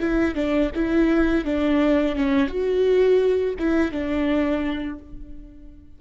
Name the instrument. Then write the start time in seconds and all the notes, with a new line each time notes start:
viola
0.00 E4
0.35 D4
0.75 E4
1.45 D4
2.16 C#4
2.47 F#4
3.59 E4
3.92 D4